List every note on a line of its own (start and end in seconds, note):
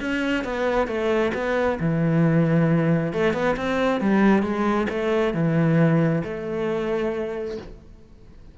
0.00 0.44 C#4
0.44 0.87 B3
0.87 1.32 A3
1.34 1.79 B3
1.80 3.13 E3
3.13 3.33 A3
3.33 3.56 B3
3.56 4.00 C4
4.00 4.42 G3
4.42 4.87 G#3
4.89 5.33 A3
5.33 6.22 E3
6.24 7.57 A3